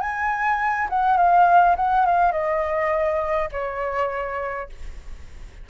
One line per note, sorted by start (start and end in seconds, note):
0.00 0.88 G#5
0.89 1.17 F#5
1.17 1.76 F5
1.76 2.05 F#5
2.05 2.31 F5
2.31 3.49 D#5
3.52 4.69 C#5